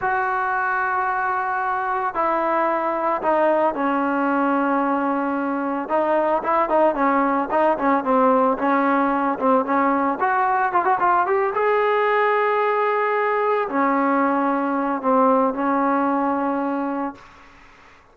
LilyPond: \new Staff \with { instrumentName = "trombone" } { \time 4/4 \tempo 4 = 112 fis'1 | e'2 dis'4 cis'4~ | cis'2. dis'4 | e'8 dis'8 cis'4 dis'8 cis'8 c'4 |
cis'4. c'8 cis'4 fis'4 | f'16 fis'16 f'8 g'8 gis'2~ gis'8~ | gis'4. cis'2~ cis'8 | c'4 cis'2. | }